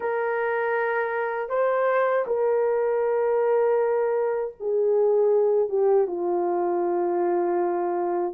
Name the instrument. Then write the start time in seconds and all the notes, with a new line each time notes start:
horn
0.00 A#4
1.49 C5
2.26 A#4
4.59 G#4
5.69 G4
6.07 F4